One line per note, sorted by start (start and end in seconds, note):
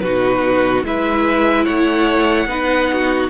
0.00 0.83 B2
0.00 0.84 D#4
0.00 0.86 F#4
0.00 0.82 B4
0.83 1.66 G#3
0.83 2.48 E4
0.83 1.65 B4
0.83 1.65 E5
1.65 2.46 A3
1.65 2.47 C#5
1.65 3.29 F#5
2.46 3.28 B3
2.46 3.29 D#4
2.46 2.91 B4
2.92 3.29 F#4